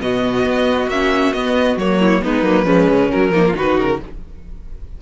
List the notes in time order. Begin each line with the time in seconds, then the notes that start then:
0.00 B2 B3 F#4 D#5
0.44 B3
0.87 A#3 C#4 E5
1.33 B3 D#5
1.77 F#3 A#3 C#5
1.99 E4
2.22 G#3 B3 D#4 B4
2.43 F#3 A#3
2.65 F3 G#3 C#4
2.88 C#3
3.10 F#3 A#4
3.30 F3 A#3 D#4
3.47 F4
3.54 D#3 D#4 F#4 B4
3.78 C#3 A#4